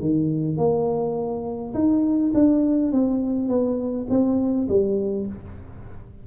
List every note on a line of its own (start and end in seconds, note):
0.00 0.57 D#3
0.57 1.74 A#3
1.74 2.32 D#4
2.34 2.92 D4
2.92 3.48 C4
3.48 4.07 B3
4.10 4.68 C4
4.68 5.27 G3